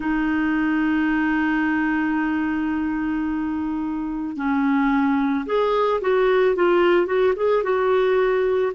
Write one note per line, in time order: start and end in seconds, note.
0.00 4.36 D#4
4.36 5.45 C#4
5.45 6.00 G#4
6.01 6.55 F#4
6.55 7.06 F4
7.06 7.33 F#4
7.36 7.63 G#4
7.63 8.72 F#4